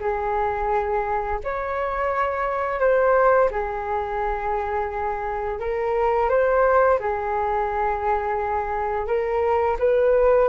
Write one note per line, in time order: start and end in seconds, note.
0.00 1.40 G#4
1.44 2.80 C#5
2.80 3.50 C5
3.51 5.60 G#4
5.60 6.29 A#4
6.29 6.99 C5
7.00 9.07 G#4
9.07 9.77 A#4
9.79 10.49 B4